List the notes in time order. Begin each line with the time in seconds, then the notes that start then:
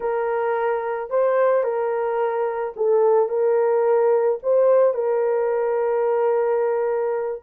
0.00 A#4
1.09 C5
1.63 A#4
2.76 A4
3.28 A#4
4.42 C5
4.94 A#4